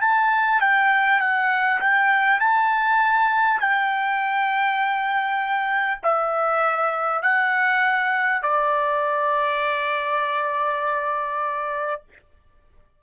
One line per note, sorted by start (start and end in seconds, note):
0.00 0.60 A5
0.61 1.19 G5
1.19 1.79 F#5
1.80 2.40 G5
2.40 3.59 A5
3.59 5.99 G5
6.02 7.22 E5
7.22 8.42 F#5
8.42 12.02 D5